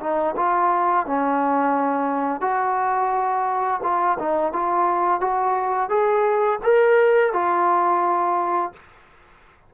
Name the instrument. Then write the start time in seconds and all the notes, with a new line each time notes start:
trombone
0.00 D#4
0.36 F4
1.06 C#4
2.41 F#4
3.83 F4
4.19 D#4
4.53 F4
5.21 F#4
5.90 G#4
6.63 A#4
7.33 F4